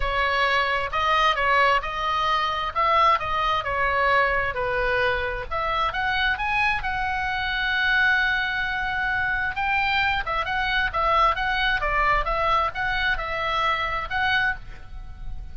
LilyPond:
\new Staff \with { instrumentName = "oboe" } { \time 4/4 \tempo 4 = 132 cis''2 dis''4 cis''4 | dis''2 e''4 dis''4 | cis''2 b'2 | e''4 fis''4 gis''4 fis''4~ |
fis''1~ | fis''4 g''4. e''8 fis''4 | e''4 fis''4 d''4 e''4 | fis''4 e''2 fis''4 | }